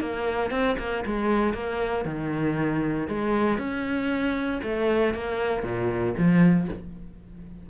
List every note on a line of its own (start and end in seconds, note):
0.00 0.51 A#3
0.51 0.76 C4
0.79 1.04 A#3
1.06 1.54 G#3
1.54 2.05 A#3
2.05 3.08 D#3
3.08 3.58 G#3
3.58 4.61 C#4
4.63 5.14 A3
5.14 5.63 A#3
5.63 6.14 A#2
6.17 6.69 F3